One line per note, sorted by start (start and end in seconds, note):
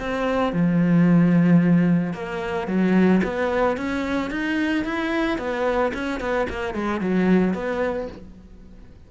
0.00 0.53 C4
0.53 2.14 F3
2.14 2.68 A#3
2.68 3.22 F#3
3.24 3.77 B3
3.77 4.31 C#4
4.31 4.85 D#4
4.85 5.39 E4
5.39 5.93 B3
5.94 6.21 C#4
6.21 6.48 B3
6.50 6.75 A#3
6.75 7.01 G#3
7.01 7.54 F#3
7.54 8.08 B3